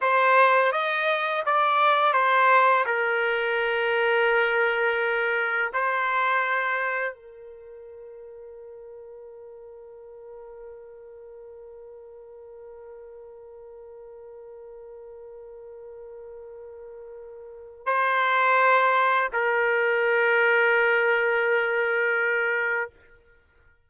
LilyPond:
\new Staff \with { instrumentName = "trumpet" } { \time 4/4 \tempo 4 = 84 c''4 dis''4 d''4 c''4 | ais'1 | c''2 ais'2~ | ais'1~ |
ais'1~ | ais'1~ | ais'4 c''2 ais'4~ | ais'1 | }